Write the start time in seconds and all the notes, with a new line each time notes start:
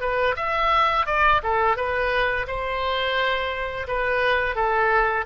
0.00 B4
0.36 E5
1.06 D5
1.42 A4
1.76 B4
2.47 C5
3.87 B4
4.55 A4